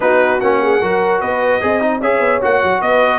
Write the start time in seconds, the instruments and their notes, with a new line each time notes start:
0.00 tuba B3, trombone D#4, horn F#4, trumpet B4
0.40 tuba A#3, trombone C#4, trumpet F#5
0.62 horn G#4
0.81 tuba F#3, trombone F#4, horn A#4
1.20 tuba B3, horn B4, trumpet D#5
1.61 tuba C4, trombone G#4, horn D#5
1.80 trombone D#4
2.00 tuba C#4, trombone G#4, horn C#5, trumpet E5
2.19 tuba B3
2.41 tuba A#3, trombone F#4, trumpet F#5
2.63 tuba F#3
2.81 tuba B3, horn B4, trumpet D#5